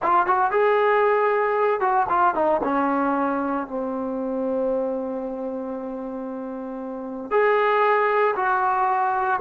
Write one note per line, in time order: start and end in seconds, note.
0.02 0.26 F4
0.26 0.51 F#4
0.51 1.80 G#4
1.80 2.06 F#4
2.09 2.35 F4
2.35 2.61 D#4
2.63 3.67 C#4
3.67 7.30 C4
7.30 8.35 G#4
8.36 9.40 F#4